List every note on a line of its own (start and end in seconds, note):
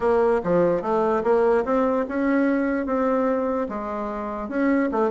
0.00 0.41 A#3
0.43 0.81 F3
0.81 1.22 A3
1.23 1.64 A#3
1.64 2.05 C4
2.08 2.86 C#4
2.86 3.67 C4
3.68 4.48 G#3
4.48 4.89 C#4
4.91 5.10 A3